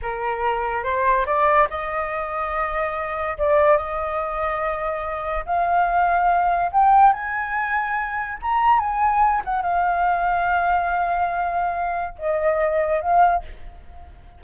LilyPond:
\new Staff \with { instrumentName = "flute" } { \time 4/4 \tempo 4 = 143 ais'2 c''4 d''4 | dis''1 | d''4 dis''2.~ | dis''4 f''2. |
g''4 gis''2. | ais''4 gis''4. fis''8 f''4~ | f''1~ | f''4 dis''2 f''4 | }